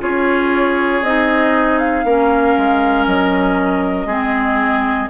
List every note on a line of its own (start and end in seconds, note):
0.00 1.02 C#4
0.00 1.02 F4
0.00 2.05 G#4
0.00 1.04 C#5
1.02 2.04 C4
1.02 2.06 D#4
1.02 1.78 D#5
1.78 3.06 F5
2.04 2.55 A#3
2.04 4.08 C#4
2.04 4.07 A#4
2.57 3.07 G#3
3.07 4.06 F#3
3.07 5.10 D#5
4.06 5.07 G#3
4.06 5.09 C4
4.06 5.08 G#4